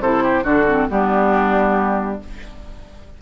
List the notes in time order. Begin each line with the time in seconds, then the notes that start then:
0.00 C3 E4 A4 C5
0.23 G4
0.44 D3 D4 F#4 A4
0.68 C4
0.89 G3 B3 D4 G4